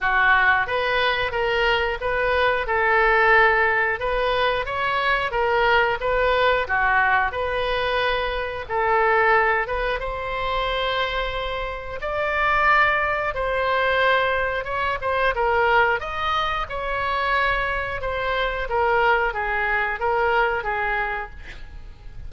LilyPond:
\new Staff \with { instrumentName = "oboe" } { \time 4/4 \tempo 4 = 90 fis'4 b'4 ais'4 b'4 | a'2 b'4 cis''4 | ais'4 b'4 fis'4 b'4~ | b'4 a'4. b'8 c''4~ |
c''2 d''2 | c''2 cis''8 c''8 ais'4 | dis''4 cis''2 c''4 | ais'4 gis'4 ais'4 gis'4 | }